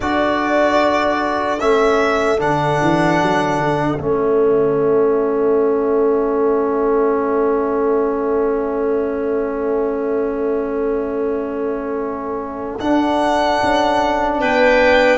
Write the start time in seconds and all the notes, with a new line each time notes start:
0.00 D4 F#4 A4 D5
1.59 A3 C#4 E5
2.38 D3 D4 F#5
2.81 E3
3.22 F#3
3.58 D3
3.98 A3 C#4 E5
12.80 D4 F#5
13.62 C#4
14.40 B3 B4 G5